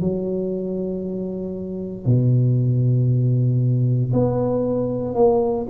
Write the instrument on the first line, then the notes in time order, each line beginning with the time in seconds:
tuba
0.00 F#3
2.05 B2
4.13 B3
5.14 A#3